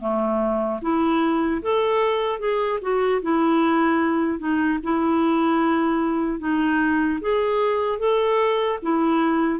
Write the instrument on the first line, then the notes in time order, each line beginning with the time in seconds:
clarinet
0.00 A3
0.81 E4
1.62 A4
2.39 G#4
2.82 F#4
3.22 E4
4.39 D#4
4.83 E4
6.39 D#4
7.21 G#4
7.99 A4
8.83 E4